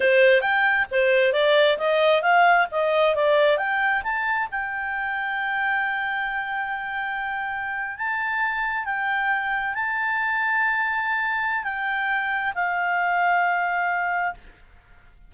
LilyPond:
\new Staff \with { instrumentName = "clarinet" } { \time 4/4 \tempo 4 = 134 c''4 g''4 c''4 d''4 | dis''4 f''4 dis''4 d''4 | g''4 a''4 g''2~ | g''1~ |
g''4.~ g''16 a''2 g''16~ | g''4.~ g''16 a''2~ a''16~ | a''2 g''2 | f''1 | }